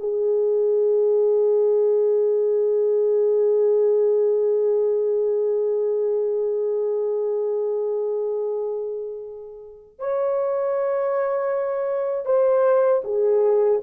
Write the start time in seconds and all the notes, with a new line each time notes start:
0.00 G#4
9.99 C#5
12.26 C5
13.05 G#4